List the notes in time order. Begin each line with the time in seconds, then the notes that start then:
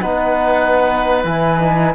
0.00 B3 D#4 B4 F#5
1.24 E3 E4 G#5
1.59 D#4